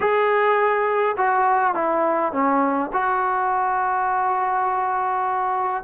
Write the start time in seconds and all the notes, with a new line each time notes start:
0.00 G#4
1.17 F#4
1.74 E4
2.32 C#4
2.93 F#4